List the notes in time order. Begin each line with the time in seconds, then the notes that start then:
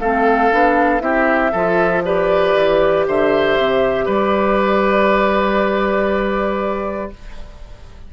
0.00 A3 C4 A4 F5
0.52 B3 D4
1.00 C4 E4 G4 E5
1.52 F3 F4 A4
2.05 G4 B4 D5
2.55 E3
3.08 D3 C5 E5
3.59 C3
4.06 G3 B4 D5